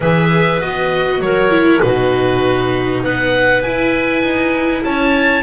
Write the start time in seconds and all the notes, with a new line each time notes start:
0.00 E3 G#4 B4 E5
0.60 B3 F#4 D#5
1.19 F#3 A#4 C#5
1.50 E4
1.81 B2 D#4 F#4 B4
3.03 B3 B4 F#5
3.62 E4 G#5
4.22 D#4
4.84 C#4 C#5 A5